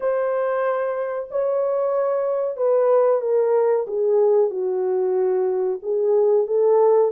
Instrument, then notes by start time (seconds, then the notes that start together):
horn
0.00 C5
1.30 C#5
2.57 B4
3.21 A#4
3.87 G#4
4.50 F#4
5.82 G#4
6.47 A4